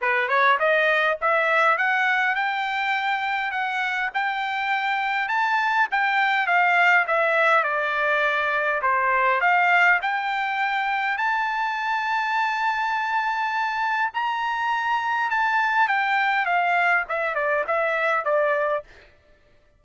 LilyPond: \new Staff \with { instrumentName = "trumpet" } { \time 4/4 \tempo 4 = 102 b'8 cis''8 dis''4 e''4 fis''4 | g''2 fis''4 g''4~ | g''4 a''4 g''4 f''4 | e''4 d''2 c''4 |
f''4 g''2 a''4~ | a''1 | ais''2 a''4 g''4 | f''4 e''8 d''8 e''4 d''4 | }